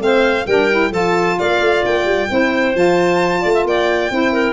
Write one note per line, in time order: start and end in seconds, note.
0.00 0.45 A3
0.00 0.46 C4
0.00 0.47 C5
0.00 0.47 F5
0.47 0.92 G3
0.47 0.72 D4
0.47 0.91 A#4
0.47 0.92 G5
0.72 0.91 E4
0.91 1.37 F3
0.91 2.28 F4
0.91 1.37 A4
0.91 1.39 A5
1.39 1.60 A#3
1.39 2.30 D5
1.39 1.85 F5
1.60 1.83 A3
1.85 2.05 A#3
1.85 2.76 G5
2.05 2.28 G3
2.29 2.75 C4
2.29 2.74 E4
2.29 3.42 C5
2.75 3.43 F3
2.75 4.10 F4
2.75 3.67 A5
3.42 3.65 A3
3.42 3.53 D5
3.54 3.66 E5
3.65 4.11 A#3
3.65 4.14 D5
3.65 4.53 G5
4.10 4.53 C4
4.10 4.53 E4
4.10 4.33 C5
4.33 4.53 A#4